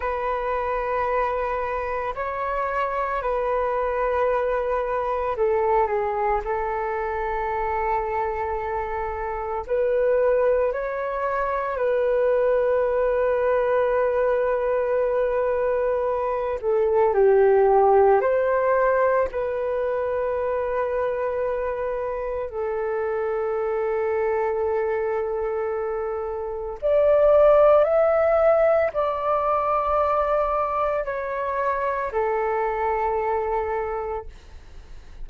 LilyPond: \new Staff \with { instrumentName = "flute" } { \time 4/4 \tempo 4 = 56 b'2 cis''4 b'4~ | b'4 a'8 gis'8 a'2~ | a'4 b'4 cis''4 b'4~ | b'2.~ b'8 a'8 |
g'4 c''4 b'2~ | b'4 a'2.~ | a'4 d''4 e''4 d''4~ | d''4 cis''4 a'2 | }